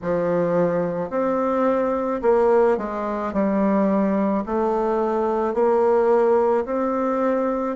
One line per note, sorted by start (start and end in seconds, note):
0.02 1.10 F3
1.10 2.21 C4
2.22 2.77 A#3
2.77 3.33 G#3
3.33 4.44 G3
4.45 5.54 A3
5.54 6.65 A#3
6.65 7.76 C4